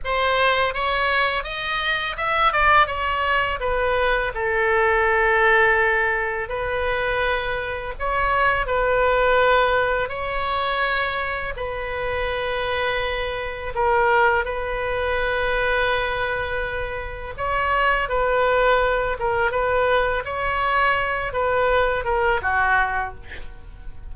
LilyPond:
\new Staff \with { instrumentName = "oboe" } { \time 4/4 \tempo 4 = 83 c''4 cis''4 dis''4 e''8 d''8 | cis''4 b'4 a'2~ | a'4 b'2 cis''4 | b'2 cis''2 |
b'2. ais'4 | b'1 | cis''4 b'4. ais'8 b'4 | cis''4. b'4 ais'8 fis'4 | }